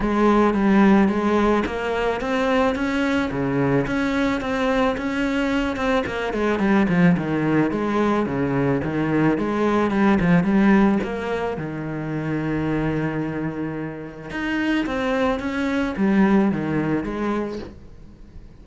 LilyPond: \new Staff \with { instrumentName = "cello" } { \time 4/4 \tempo 4 = 109 gis4 g4 gis4 ais4 | c'4 cis'4 cis4 cis'4 | c'4 cis'4. c'8 ais8 gis8 | g8 f8 dis4 gis4 cis4 |
dis4 gis4 g8 f8 g4 | ais4 dis2.~ | dis2 dis'4 c'4 | cis'4 g4 dis4 gis4 | }